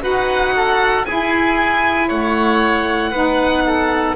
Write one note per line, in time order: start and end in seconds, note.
0.00 1.06 D#4
0.00 1.03 F#4
0.00 0.54 B4
0.00 1.05 F#5
0.56 1.07 A4
1.05 3.12 E4
1.05 2.11 E4
1.05 2.08 G#4
1.05 2.09 G#5
2.08 3.12 A3
2.08 3.11 C#5
2.08 4.16 F#5
3.11 4.16 B3
3.11 4.16 D#4
3.11 3.63 B4
3.66 4.16 A4